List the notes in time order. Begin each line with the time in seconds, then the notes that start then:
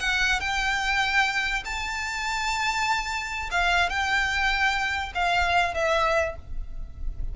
0.00 F#5
0.40 G5
1.65 A5
3.51 F5
3.89 G5
5.15 F5
5.74 E5